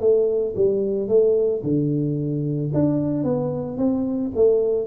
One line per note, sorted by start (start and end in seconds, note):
0.00 0.54 A3
0.56 1.08 G3
1.08 1.62 A3
1.63 2.71 D3
2.73 3.24 D4
3.24 3.77 B3
3.77 4.31 C4
4.35 4.87 A3